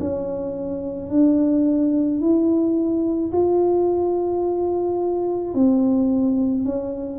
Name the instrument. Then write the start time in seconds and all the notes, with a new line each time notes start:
tuba
0.00 C#4
1.10 D4
2.21 E4
3.32 F4
5.55 C4
6.65 C#4